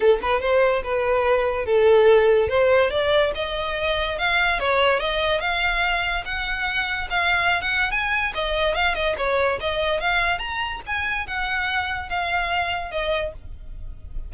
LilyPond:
\new Staff \with { instrumentName = "violin" } { \time 4/4 \tempo 4 = 144 a'8 b'8 c''4 b'2 | a'2 c''4 d''4 | dis''2 f''4 cis''4 | dis''4 f''2 fis''4~ |
fis''4 f''4~ f''16 fis''8. gis''4 | dis''4 f''8 dis''8 cis''4 dis''4 | f''4 ais''4 gis''4 fis''4~ | fis''4 f''2 dis''4 | }